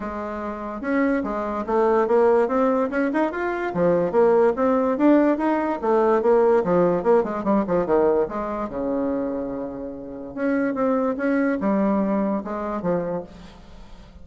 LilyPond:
\new Staff \with { instrumentName = "bassoon" } { \time 4/4 \tempo 4 = 145 gis2 cis'4 gis4 | a4 ais4 c'4 cis'8 dis'8 | f'4 f4 ais4 c'4 | d'4 dis'4 a4 ais4 |
f4 ais8 gis8 g8 f8 dis4 | gis4 cis2.~ | cis4 cis'4 c'4 cis'4 | g2 gis4 f4 | }